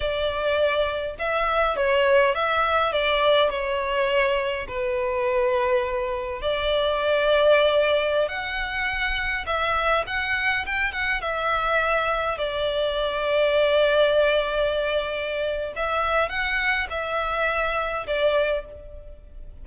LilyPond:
\new Staff \with { instrumentName = "violin" } { \time 4/4 \tempo 4 = 103 d''2 e''4 cis''4 | e''4 d''4 cis''2 | b'2. d''4~ | d''2~ d''16 fis''4.~ fis''16~ |
fis''16 e''4 fis''4 g''8 fis''8 e''8.~ | e''4~ e''16 d''2~ d''8.~ | d''2. e''4 | fis''4 e''2 d''4 | }